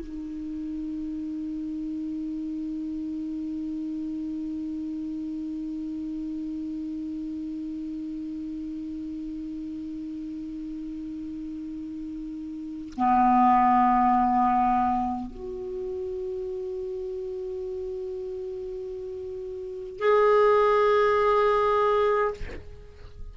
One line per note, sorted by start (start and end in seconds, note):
0.00 12.94 D#4
12.97 15.31 B3
15.31 19.99 F#4
19.99 22.34 G#4